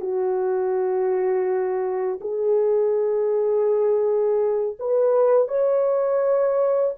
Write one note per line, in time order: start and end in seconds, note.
0.00 2.20 F#4
2.21 4.77 G#4
4.79 5.48 B4
5.48 6.94 C#5